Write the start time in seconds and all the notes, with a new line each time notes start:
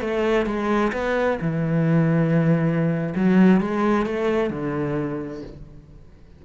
0.00 A3
0.46 G#3
0.92 B3
1.41 E3
3.15 F#3
3.60 G#3
4.06 A3
4.50 D3